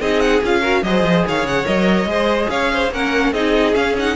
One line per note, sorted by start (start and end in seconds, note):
0.00 0.42 C4
0.00 0.43 D#4
0.00 0.61 G#4
0.00 0.20 D#5
0.20 0.41 F#5
0.44 0.83 C#4
0.44 0.62 F4
0.44 0.83 F5
0.61 0.83 F#4
0.61 0.82 A#4
0.83 1.03 F#3
0.83 1.65 G#4
0.83 1.27 C5
0.83 1.25 D#5
1.03 1.24 F3
1.27 1.44 D#3
1.27 2.10 C#5
1.27 1.46 F5
1.44 1.64 C#3
1.44 1.66 F#5
1.65 2.05 F#3
1.65 2.07 A#4
1.65 2.49 D#5
2.05 2.47 G#3
2.05 2.91 G#4
2.05 2.51 C5
2.50 2.91 C#4
2.50 2.71 C#5
2.50 2.91 F5
2.73 2.93 C5
2.91 3.32 A#3
2.91 3.34 C#4
2.91 3.33 A#4
2.91 3.33 F#5
3.32 3.74 C4
3.32 3.74 D#4
3.32 4.15 G#4
3.32 3.75 D#5
3.74 3.95 C#4
3.74 4.15 C#4
3.74 3.96 F5
3.98 4.15 D#4
3.98 4.15 F#5